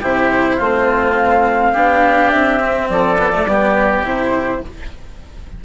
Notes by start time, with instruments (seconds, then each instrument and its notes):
0.00 bassoon C3, cello E4, oboe G4, flute C5
0.56 bassoon A3, cello C4, oboe F4
1.16 flute F5
1.72 bassoon B3, cello D4, oboe G4
2.30 bassoon C4, flute E5
2.59 cello C4
2.89 bassoon F3, oboe A4, flute D5
3.18 cello B3
3.32 cello A3
3.46 bassoon G3, cello B3, oboe G4
4.03 bassoon C3, cello E4, flute C5